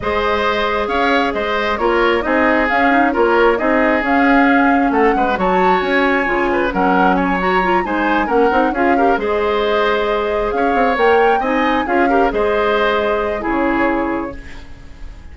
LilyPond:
<<
  \new Staff \with { instrumentName = "flute" } { \time 4/4 \tempo 4 = 134 dis''2 f''4 dis''4 | cis''4 dis''4 f''4 cis''4 | dis''4 f''2 fis''4 | a''4 gis''2 fis''4 |
gis''8 ais''4 gis''4 fis''4 f''8~ | f''8 dis''2. f''8~ | f''8 g''4 gis''4 f''4 dis''8~ | dis''2 cis''2 | }
  \new Staff \with { instrumentName = "oboe" } { \time 4/4 c''2 cis''4 c''4 | ais'4 gis'2 ais'4 | gis'2. a'8 b'8 | cis''2~ cis''8 b'8 ais'4 |
cis''4. c''4 ais'4 gis'8 | ais'8 c''2. cis''8~ | cis''4. dis''4 gis'8 ais'8 c''8~ | c''2 gis'2 | }
  \new Staff \with { instrumentName = "clarinet" } { \time 4/4 gis'1 | f'4 dis'4 cis'8 dis'8 f'4 | dis'4 cis'2. | fis'2 f'4 cis'4~ |
cis'8 fis'8 f'8 dis'4 cis'8 dis'8 f'8 | g'8 gis'2.~ gis'8~ | gis'8 ais'4 dis'4 f'8 g'8 gis'8~ | gis'2 e'2 | }
  \new Staff \with { instrumentName = "bassoon" } { \time 4/4 gis2 cis'4 gis4 | ais4 c'4 cis'4 ais4 | c'4 cis'2 a8 gis8 | fis4 cis'4 cis4 fis4~ |
fis4. gis4 ais8 c'8 cis'8~ | cis'8 gis2. cis'8 | c'8 ais4 c'4 cis'4 gis8~ | gis2 cis2 | }
>>